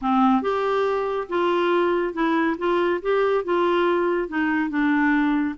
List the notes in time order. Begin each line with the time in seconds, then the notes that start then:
0.01 C4
0.42 G4
1.29 F4
2.13 E4
2.58 F4
3.02 G4
3.44 F4
4.28 D#4
4.69 D4